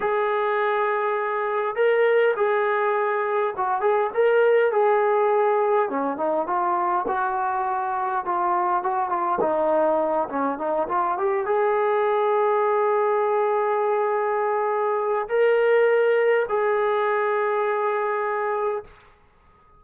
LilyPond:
\new Staff \with { instrumentName = "trombone" } { \time 4/4 \tempo 4 = 102 gis'2. ais'4 | gis'2 fis'8 gis'8 ais'4 | gis'2 cis'8 dis'8 f'4 | fis'2 f'4 fis'8 f'8 |
dis'4. cis'8 dis'8 f'8 g'8 gis'8~ | gis'1~ | gis'2 ais'2 | gis'1 | }